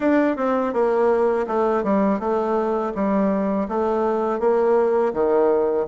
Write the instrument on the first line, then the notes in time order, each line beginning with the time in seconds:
bassoon
0.00 D4
0.36 C4
0.73 A#3
1.47 A3
1.83 G3
2.19 A3
2.94 G3
3.68 A3
4.39 A#3
5.13 D#3